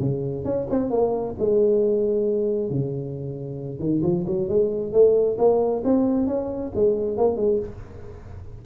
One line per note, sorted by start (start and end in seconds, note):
0.00 0.45 C#3
0.45 0.67 C#4
0.70 0.90 C4
0.90 1.35 A#3
1.39 2.70 G#3
2.70 3.80 C#3
3.80 4.02 D#3
4.03 4.25 F3
4.27 4.49 F#3
4.49 4.93 G#3
4.93 5.37 A3
5.39 5.83 A#3
5.84 6.27 C4
6.27 6.72 C#4
6.75 7.17 G#3
7.17 7.37 A#3
7.37 7.59 G#3